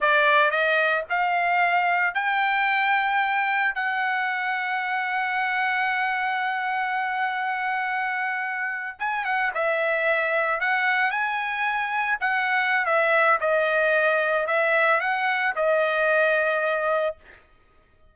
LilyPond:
\new Staff \with { instrumentName = "trumpet" } { \time 4/4 \tempo 4 = 112 d''4 dis''4 f''2 | g''2. fis''4~ | fis''1~ | fis''1~ |
fis''8. gis''8 fis''8 e''2 fis''16~ | fis''8. gis''2 fis''4~ fis''16 | e''4 dis''2 e''4 | fis''4 dis''2. | }